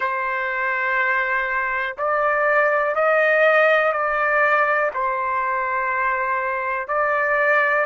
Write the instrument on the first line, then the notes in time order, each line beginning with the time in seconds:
trumpet
0.00 C5
1.97 D5
2.95 D#5
3.92 D5
4.94 C5
6.88 D5